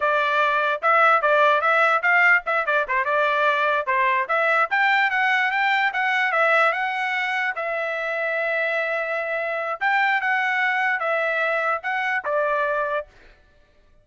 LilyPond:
\new Staff \with { instrumentName = "trumpet" } { \time 4/4 \tempo 4 = 147 d''2 e''4 d''4 | e''4 f''4 e''8 d''8 c''8 d''8~ | d''4. c''4 e''4 g''8~ | g''8 fis''4 g''4 fis''4 e''8~ |
e''8 fis''2 e''4.~ | e''1 | g''4 fis''2 e''4~ | e''4 fis''4 d''2 | }